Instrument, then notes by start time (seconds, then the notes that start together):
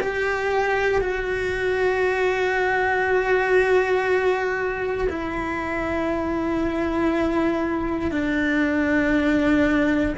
cello
0.00 G4
1.01 F#4
5.09 E4
8.11 D4